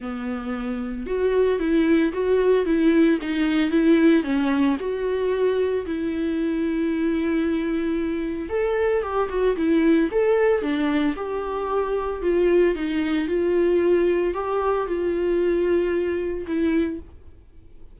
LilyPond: \new Staff \with { instrumentName = "viola" } { \time 4/4 \tempo 4 = 113 b2 fis'4 e'4 | fis'4 e'4 dis'4 e'4 | cis'4 fis'2 e'4~ | e'1 |
a'4 g'8 fis'8 e'4 a'4 | d'4 g'2 f'4 | dis'4 f'2 g'4 | f'2. e'4 | }